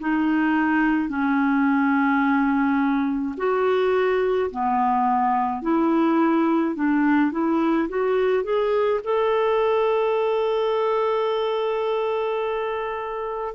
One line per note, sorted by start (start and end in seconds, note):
0.00 1.09 D#4
1.09 3.35 C#4
3.37 4.50 F#4
4.51 5.62 B3
5.62 6.75 E4
6.75 7.31 D4
7.31 7.88 E4
7.89 8.43 F#4
8.43 9.00 G#4
9.04 13.54 A4